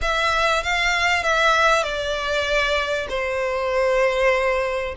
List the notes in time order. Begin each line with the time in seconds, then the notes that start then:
0.01 E5
0.63 F5
1.23 E5
1.82 D5
3.09 C5